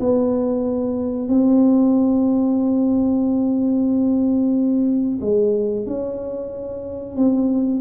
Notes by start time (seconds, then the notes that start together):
0.00 B3
1.29 C4
5.21 G#3
5.86 C#4
7.16 C4